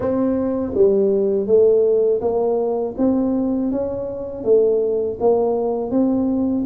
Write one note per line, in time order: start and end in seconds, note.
0.00 0.73 C4
0.74 1.46 G3
1.46 2.20 A3
2.21 2.95 A#3
2.97 3.71 C4
3.71 4.44 C#4
4.44 5.18 A3
5.20 5.91 A#3
5.91 6.65 C4